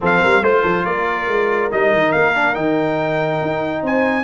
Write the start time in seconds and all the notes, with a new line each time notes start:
0.00 F3 C4 A4 F5
0.20 G3 A#4
0.41 A3 F4 C5
0.62 F3 A4
0.85 A#3 A#4 D5
1.27 G#3
1.71 G3 D#4 D#5
1.93 D#3
2.12 A#3 F5
2.35 D4
2.54 D#3 D#4 G5
3.41 D#4
3.82 C4 C5 G#5